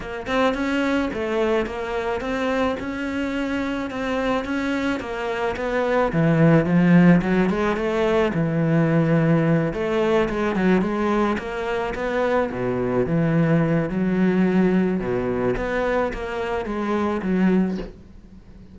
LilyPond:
\new Staff \with { instrumentName = "cello" } { \time 4/4 \tempo 4 = 108 ais8 c'8 cis'4 a4 ais4 | c'4 cis'2 c'4 | cis'4 ais4 b4 e4 | f4 fis8 gis8 a4 e4~ |
e4. a4 gis8 fis8 gis8~ | gis8 ais4 b4 b,4 e8~ | e4 fis2 b,4 | b4 ais4 gis4 fis4 | }